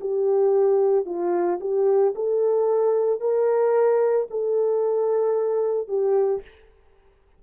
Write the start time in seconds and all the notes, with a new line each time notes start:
0.00 G4
1.05 F4
1.60 G4
2.15 A4
3.20 A#4
4.30 A4
5.88 G4